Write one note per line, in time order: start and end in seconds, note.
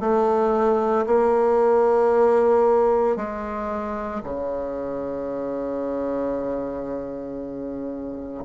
0.00 1.05 A3
1.07 3.16 A#3
3.16 4.22 G#3
4.23 8.44 C#3